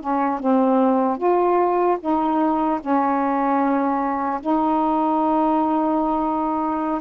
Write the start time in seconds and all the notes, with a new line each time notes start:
0.00 C#4
0.39 C4
1.17 F4
2.00 D#4
2.80 C#4
4.40 D#4